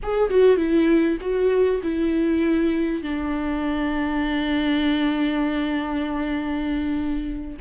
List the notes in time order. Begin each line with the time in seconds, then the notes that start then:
0.02 G#4
0.29 F#4
0.56 E4
1.20 F#4
1.83 E4
3.02 D4